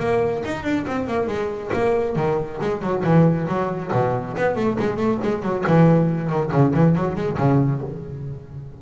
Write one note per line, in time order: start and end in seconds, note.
0.00 0.43 A#3
0.45 0.64 D#4
0.64 0.85 D4
0.87 1.08 C4
1.08 1.28 A#3
1.28 1.71 G#3
1.74 2.16 A#3
2.16 2.60 D#3
2.61 2.82 G#3
2.82 3.04 F#3
3.05 3.48 E3
3.48 3.92 F#3
3.93 4.36 B2
4.38 4.56 B3
4.56 4.78 A3
4.79 4.97 G#3
4.97 5.19 A3
5.24 5.43 G#3
5.43 5.65 F#3
5.67 6.30 E3
6.30 6.52 D#3
6.53 6.74 C#3
6.75 6.96 E3
6.96 7.16 F#3
7.16 7.38 G#3
7.38 7.82 C#3